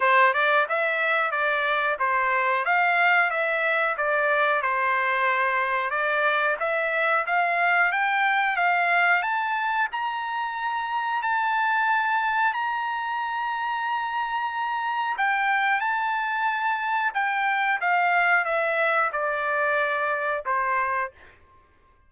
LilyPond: \new Staff \with { instrumentName = "trumpet" } { \time 4/4 \tempo 4 = 91 c''8 d''8 e''4 d''4 c''4 | f''4 e''4 d''4 c''4~ | c''4 d''4 e''4 f''4 | g''4 f''4 a''4 ais''4~ |
ais''4 a''2 ais''4~ | ais''2. g''4 | a''2 g''4 f''4 | e''4 d''2 c''4 | }